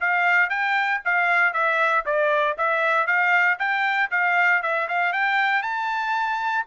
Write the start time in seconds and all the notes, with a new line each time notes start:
0.00 F5
0.49 G5
1.05 F5
1.53 E5
2.05 D5
2.57 E5
3.07 F5
3.59 G5
4.11 F5
4.62 E5
4.88 F5
5.13 G5
5.62 A5